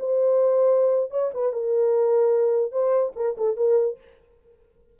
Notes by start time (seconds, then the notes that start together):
0.00 C5
1.11 C#5
1.34 B4
1.53 A#4
2.72 C5
3.16 A#4
3.38 A4
3.57 A#4